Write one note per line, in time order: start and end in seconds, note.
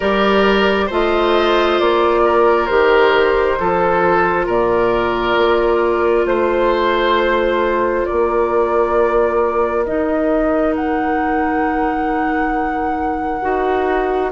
0.00 0.90 G3
0.00 0.90 G4
0.00 0.86 A#4
0.00 0.90 D5
0.86 1.79 A3
0.86 2.68 F4
0.86 2.20 C5
0.86 1.79 D#5
1.79 2.70 A#3
1.79 2.66 D5
2.24 3.59 A#4
2.66 3.59 D#3
2.66 3.58 G4
2.66 4.45 C5
3.58 4.47 F3
3.58 9.85 F4
3.58 4.46 A4
4.46 5.36 A#2
4.46 6.25 A#4
4.46 6.26 D5
5.36 6.25 A#3
6.25 8.04 A3
6.25 8.05 C5
6.25 8.07 C5
8.05 9.87 A#3
8.05 14.32 A#4
8.05 9.84 D5
9.84 13.43 D#3
9.84 13.41 D#4
9.84 10.74 D#5
10.75 14.32 F#5
13.41 14.32 D#4
13.41 14.31 F#4